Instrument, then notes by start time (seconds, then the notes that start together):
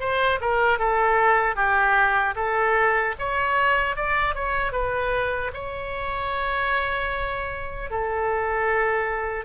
oboe
0.00 C5
0.41 A#4
0.79 A4
1.56 G4
2.36 A4
3.19 C#5
3.96 D5
4.35 C#5
4.72 B4
5.54 C#5
7.91 A4